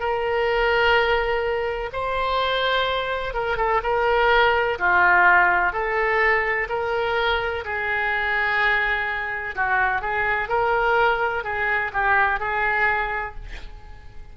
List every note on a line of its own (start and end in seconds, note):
0.00 1.90 A#4
1.93 3.34 C5
3.34 3.57 A#4
3.57 3.81 A4
3.83 4.78 A#4
4.79 5.73 F4
5.73 6.68 A4
6.69 7.64 A#4
7.65 9.55 G#4
9.55 10.02 F#4
10.02 10.48 G#4
10.48 11.44 A#4
11.44 11.92 G#4
11.93 12.40 G4
12.40 13.35 G#4